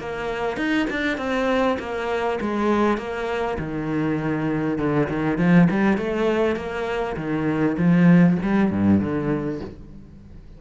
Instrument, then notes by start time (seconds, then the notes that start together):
cello
0.00 A#3
0.57 D#4
0.90 D4
1.18 C4
1.79 A#3
2.41 G#3
2.98 A#3
3.59 D#3
4.78 D3
5.09 D#3
5.38 F3
5.71 G3
5.98 A3
6.56 A#3
7.17 D#3
7.78 F3
8.43 G3
8.71 G2
9.01 D3